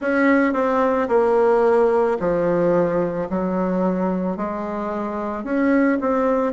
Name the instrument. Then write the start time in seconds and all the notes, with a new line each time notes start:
bassoon
0.00 C#4
0.53 C4
1.08 A#3
2.19 F3
3.29 F#3
4.36 G#3
5.43 C#4
6.00 C4